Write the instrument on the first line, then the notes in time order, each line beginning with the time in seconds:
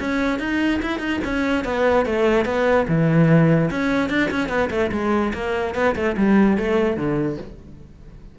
cello
0.00 C#4
0.39 D#4
0.82 E4
1.00 D#4
1.24 C#4
1.65 B3
2.06 A3
2.45 B3
2.88 E3
3.71 C#4
4.10 D4
4.31 C#4
4.49 B3
4.71 A3
4.92 G#3
5.34 A#3
5.75 B3
5.96 A3
6.18 G3
6.58 A3
6.97 D3